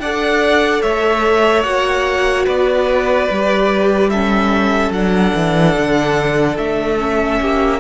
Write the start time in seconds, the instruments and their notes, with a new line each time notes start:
0.00 cello D4, viola A4, violin D5 F#5
0.82 cello A3, violin C#5 E5
1.64 cello A#3, viola F#4, violin F#5
2.46 cello B3, violin B4 D5
3.31 cello G3, viola G4
4.10 viola C#4, violin A4 E5
4.90 cello F#3, viola D4, violin F#5
5.36 cello E3
5.77 cello D3
6.58 cello A3, violin E5
6.99 viola C#4
7.42 cello A#3, violin G4